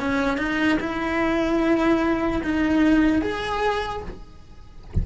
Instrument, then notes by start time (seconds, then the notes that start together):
cello
0.00 C#4
0.38 D#4
0.80 E4
2.44 D#4
3.22 G#4